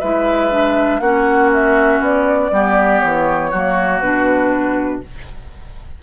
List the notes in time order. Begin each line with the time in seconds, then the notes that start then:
0.00 G#3 E4 B4 E5
0.51 D4
1.00 A#3 C#4 F#4 F#5
1.54 E5
2.00 B3 D5
2.52 G3 B3 G4
3.00 E3 C#5
3.51 F#3 A#3 F#4
4.01 B2 D4 B4